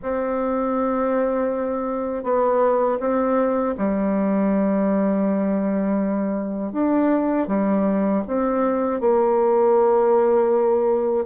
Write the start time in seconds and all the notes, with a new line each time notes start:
0.02 C4
2.23 B3
3.00 C4
3.77 G3
6.72 D4
7.47 G3
8.27 C4
9.00 A#3